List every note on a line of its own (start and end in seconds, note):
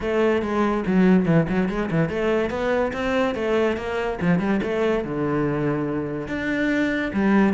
0.01 0.42 A3
0.42 0.84 G#3
0.86 1.25 F#3
1.25 1.46 E3
1.49 1.68 F#3
1.68 1.89 G#3
1.91 2.09 E3
2.09 2.50 A3
2.50 2.92 B3
2.92 3.34 C4
3.34 3.76 A3
3.76 4.18 A#3
4.21 4.39 F3
4.39 4.60 G3
4.62 5.04 A3
5.04 6.27 D3
6.27 7.11 D4
7.13 7.53 G3